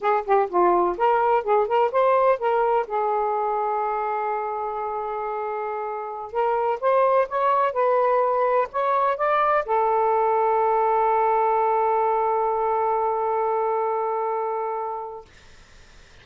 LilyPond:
\new Staff \with { instrumentName = "saxophone" } { \time 4/4 \tempo 4 = 126 gis'8 g'8 f'4 ais'4 gis'8 ais'8 | c''4 ais'4 gis'2~ | gis'1~ | gis'4~ gis'16 ais'4 c''4 cis''8.~ |
cis''16 b'2 cis''4 d''8.~ | d''16 a'2.~ a'8.~ | a'1~ | a'1 | }